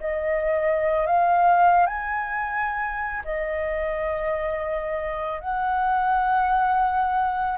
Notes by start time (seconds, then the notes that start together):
0.00 D#5
1.06 F5
1.86 G#5
3.24 D#5
5.40 F#5